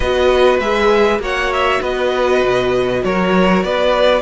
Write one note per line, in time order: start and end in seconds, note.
0.00 0.59 B3
0.00 0.61 F#4
0.00 1.20 B4
0.00 0.59 D#5
0.59 1.18 G#3
0.59 1.20 G#4
0.59 1.20 E5
1.18 1.79 A#3
1.18 4.21 F#4
1.18 1.81 C#5
1.18 1.52 F#5
1.52 1.83 E5
1.81 2.42 B3
1.81 3.03 B4
1.81 3.04 D#5
2.42 3.03 B2
3.04 3.63 F#3
3.04 3.65 A#4
3.04 3.63 C#5
3.63 4.21 B3
3.63 4.21 B4
3.63 4.21 D5